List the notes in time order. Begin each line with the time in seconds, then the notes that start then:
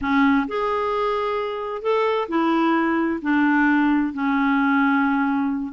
0.01 C#4
0.47 G#4
1.82 A4
2.28 E4
3.22 D4
4.13 C#4